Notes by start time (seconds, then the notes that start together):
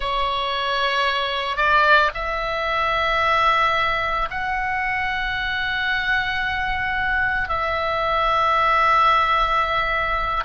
0.00 C#5
1.56 D5
2.14 E5
4.30 F#5
7.49 E5